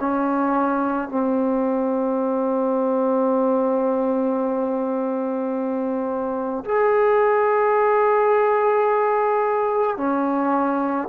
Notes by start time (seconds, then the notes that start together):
0.00 C#4
1.09 C4
6.65 G#4
9.97 C#4